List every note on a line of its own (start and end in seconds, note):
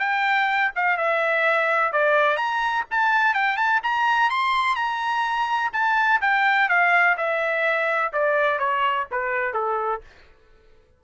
0.00 0.71 G5
0.76 0.97 F5
0.97 1.93 E5
1.93 2.37 D5
2.37 2.85 A#5
2.91 3.34 A5
3.34 3.57 G5
3.57 3.81 A5
3.84 4.30 A#5
4.30 4.76 C6
4.76 5.71 A#5
5.73 6.21 A5
6.21 6.69 G5
6.69 7.17 F5
7.17 8.13 E5
8.13 8.59 D5
8.59 9.07 C#5
9.11 9.54 B4
9.54 10.01 A4